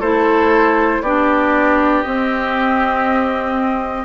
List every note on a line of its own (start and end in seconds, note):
0.00 1.01 A3
0.00 1.04 E4
0.00 1.02 A4
0.00 1.02 C5
1.01 2.03 B3
1.01 2.04 D4
1.01 4.05 G4
1.01 2.03 D5
2.03 4.05 C4
2.03 4.05 D#5